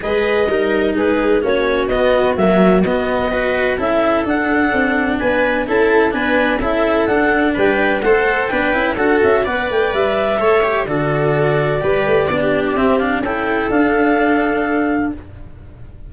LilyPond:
<<
  \new Staff \with { instrumentName = "clarinet" } { \time 4/4 \tempo 4 = 127 dis''2 b'4 cis''4 | dis''4 e''4 dis''2 | e''4 fis''2 gis''4 | a''4 gis''4 e''4 fis''4 |
g''4 fis''4 g''4 fis''8 e''8 | fis''8 g''8 e''2 d''4~ | d''2. e''8 f''8 | g''4 f''2. | }
  \new Staff \with { instrumentName = "viola" } { \time 4/4 b'4 ais'4 gis'4 fis'4~ | fis'2. b'4 | a'2. b'4 | a'4 b'4 a'2 |
b'4 c''4 b'4 a'4 | d''2 cis''4 a'4~ | a'4 b'4 d''16 g'4.~ g'16 | a'1 | }
  \new Staff \with { instrumentName = "cello" } { \time 4/4 gis'4 dis'2 cis'4 | b4 fis4 b4 fis'4 | e'4 d'2. | e'4 d'4 e'4 d'4~ |
d'4 a'4 d'8 e'8 fis'4 | b'2 a'8 g'8 fis'4~ | fis'4 g'4 d'4 c'8 d'8 | e'4 d'2. | }
  \new Staff \with { instrumentName = "tuba" } { \time 4/4 gis4 g4 gis4 ais4 | b4 ais4 b2 | cis'4 d'4 c'4 b4 | cis'4 b4 cis'4 d'4 |
g4 a4 b8 cis'8 d'8 cis'8 | b8 a8 g4 a4 d4~ | d4 g8 a8 b4 c'4 | cis'4 d'2. | }
>>